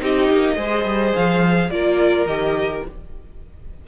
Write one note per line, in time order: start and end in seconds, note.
0.00 0.30 C4
0.00 0.57 D#4
0.00 0.56 G4
0.00 1.16 D#5
0.31 0.57 A#3
0.56 0.85 G#3
0.56 1.70 G#4
0.56 1.69 C5
0.85 1.13 G3
1.16 1.71 F3
1.16 1.71 F5
1.71 2.26 A#3
1.71 2.28 F4
1.71 2.88 A#4
1.71 2.27 D5
2.26 2.82 D#3
2.26 2.85 G4
2.26 2.83 D#5